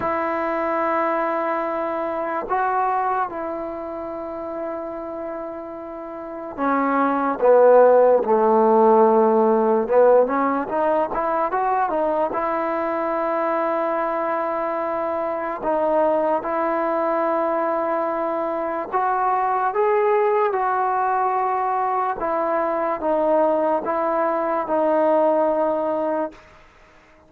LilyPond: \new Staff \with { instrumentName = "trombone" } { \time 4/4 \tempo 4 = 73 e'2. fis'4 | e'1 | cis'4 b4 a2 | b8 cis'8 dis'8 e'8 fis'8 dis'8 e'4~ |
e'2. dis'4 | e'2. fis'4 | gis'4 fis'2 e'4 | dis'4 e'4 dis'2 | }